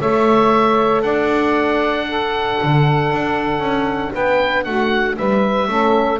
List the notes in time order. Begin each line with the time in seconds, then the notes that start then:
0.00 A3 A4 C#5 E5
1.03 D4 D5 F#5
2.09 D4 A4
2.63 D3
3.12 D4
3.60 C#4
4.14 B3 B4 G5
4.64 A3 F#4 F#5
5.18 G3 B4 E5
5.69 A3 C#4 A4